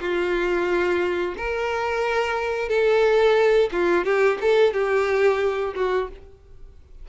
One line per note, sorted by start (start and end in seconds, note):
0.00 1.35 F4
1.37 2.68 A#4
2.68 3.70 A4
3.72 4.04 F4
4.04 4.38 G4
4.41 4.73 A4
4.73 5.74 G4
5.75 6.09 F#4